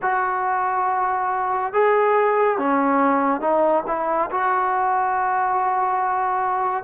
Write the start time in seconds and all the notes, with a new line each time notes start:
0.02 F#4
1.73 G#4
2.58 C#4
3.41 D#4
3.86 E4
4.31 F#4